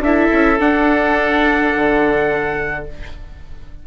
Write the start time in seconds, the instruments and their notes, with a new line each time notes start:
0.00 bassoon D4, viola E4, oboe A4, trumpet E5
0.32 bassoon C#4
0.59 bassoon D4, viola D4, trumpet F#5
1.75 bassoon D3